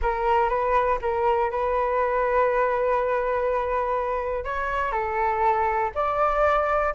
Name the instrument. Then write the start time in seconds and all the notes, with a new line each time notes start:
flute
0.02 A#4
0.49 B4
1.01 A#4
1.51 B4
4.44 C#5
4.91 A4
5.95 D5